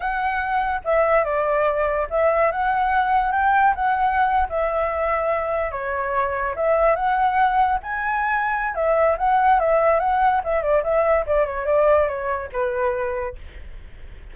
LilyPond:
\new Staff \with { instrumentName = "flute" } { \time 4/4 \tempo 4 = 144 fis''2 e''4 d''4~ | d''4 e''4 fis''2 | g''4 fis''4.~ fis''16 e''4~ e''16~ | e''4.~ e''16 cis''2 e''16~ |
e''8. fis''2 gis''4~ gis''16~ | gis''4 e''4 fis''4 e''4 | fis''4 e''8 d''8 e''4 d''8 cis''8 | d''4 cis''4 b'2 | }